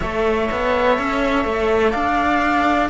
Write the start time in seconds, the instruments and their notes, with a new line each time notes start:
0.00 cello A3 A4, viola C#5, flute E5
0.51 cello B3
0.98 cello C#4
1.45 cello A3
1.91 cello D4, viola D5, flute F5